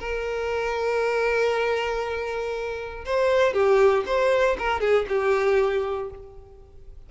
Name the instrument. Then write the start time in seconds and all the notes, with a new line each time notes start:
violin
0.00 A#4
3.06 C5
3.54 G4
4.07 C5
4.59 A#4
4.81 G#4
5.09 G4